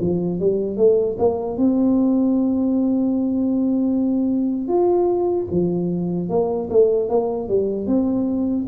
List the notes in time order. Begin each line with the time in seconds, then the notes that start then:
0.00 F3
0.39 G3
0.77 A3
1.18 A#3
1.57 C4
4.68 F4
5.51 F3
6.29 A#3
6.70 A3
7.09 A#3
7.48 G3
7.87 C4